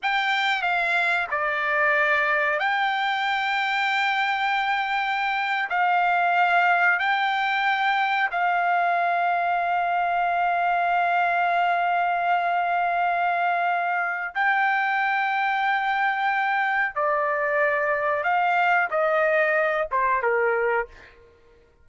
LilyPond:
\new Staff \with { instrumentName = "trumpet" } { \time 4/4 \tempo 4 = 92 g''4 f''4 d''2 | g''1~ | g''8. f''2 g''4~ g''16~ | g''8. f''2.~ f''16~ |
f''1~ | f''2 g''2~ | g''2 d''2 | f''4 dis''4. c''8 ais'4 | }